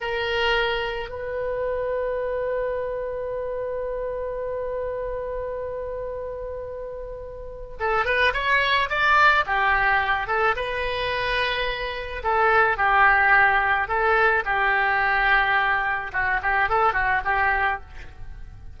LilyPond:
\new Staff \with { instrumentName = "oboe" } { \time 4/4 \tempo 4 = 108 ais'2 b'2~ | b'1~ | b'1~ | b'2 a'8 b'8 cis''4 |
d''4 g'4. a'8 b'4~ | b'2 a'4 g'4~ | g'4 a'4 g'2~ | g'4 fis'8 g'8 a'8 fis'8 g'4 | }